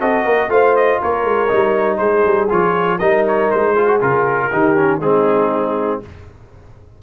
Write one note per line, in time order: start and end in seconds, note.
0.00 0.25 C4
0.00 0.50 F#4
0.00 0.24 A4
0.00 0.51 D#5
0.24 0.49 A#3
0.24 0.49 A#4
0.49 0.99 A3
0.49 1.49 F4
0.49 1.02 C5
0.49 0.76 F5
0.77 1.02 D#5
1.02 1.24 A#3
1.02 2.00 A#4
1.02 1.98 C#5
1.24 1.49 G#3
1.49 2.00 G3
1.49 2.49 D#4
1.98 2.25 G#3
1.98 3.00 G#4
1.98 2.48 C5
2.26 2.51 G3
2.50 3.01 F3
2.50 3.00 F4
2.50 2.99 C#5
2.99 3.51 G3
2.99 3.77 D#4
2.99 3.74 A#4
2.99 3.24 D#5
3.27 3.51 C#5
3.51 4.02 G#3
3.51 4.01 C5
3.74 3.88 F4
3.74 4.49 G#4
3.88 4.01 F#4
4.01 4.52 C#3
4.01 4.51 F4
4.01 5.01 A#4
4.52 5.00 D#3
4.52 4.76 D#4
4.52 5.01 G4
4.76 5.01 C#4
5.00 6.00 G#3
5.00 6.03 C4
5.00 6.01 D#4
5.00 6.01 G#4